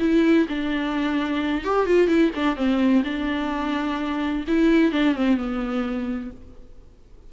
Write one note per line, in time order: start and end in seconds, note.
0.00 0.47 E4
0.49 1.65 D4
1.65 1.86 G4
1.86 2.08 F4
2.08 2.31 E4
2.35 2.56 D4
2.56 3.03 C4
3.04 4.45 D4
4.48 4.92 E4
4.92 5.16 D4
5.16 5.37 C4
5.37 6.31 B3